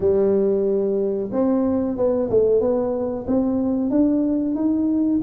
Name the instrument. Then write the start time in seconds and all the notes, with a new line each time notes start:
tuba
0.00 G3
1.32 C4
1.97 B3
2.29 A3
2.60 B3
3.27 C4
3.90 D4
4.55 D#4